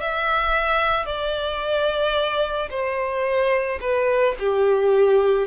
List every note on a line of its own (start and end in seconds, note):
0.00 1.05 E5
1.05 2.69 D5
2.70 3.79 C5
3.81 4.35 B4
4.39 5.47 G4